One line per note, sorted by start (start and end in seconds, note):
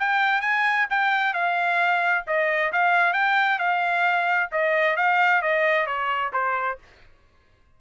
0.00 0.42 G5
0.42 0.87 G#5
0.90 1.34 G5
1.34 2.25 F5
2.27 2.72 D#5
2.73 3.13 F5
3.13 3.59 G5
3.59 4.50 F5
4.52 4.97 D#5
4.97 5.42 F5
5.42 5.86 D#5
5.86 6.32 C#5
6.33 6.79 C5